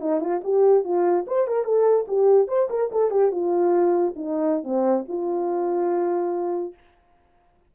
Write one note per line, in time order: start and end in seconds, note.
0.00 0.21 D#4
0.21 0.41 F4
0.44 0.84 G4
0.84 1.25 F4
1.27 1.47 C5
1.47 1.64 A#4
1.64 2.06 A4
2.08 2.48 G4
2.48 2.68 C5
2.70 2.91 A#4
2.92 3.11 A4
3.11 3.31 G4
3.31 4.14 F4
4.16 4.64 D#4
4.64 5.05 C4
5.08 6.74 F4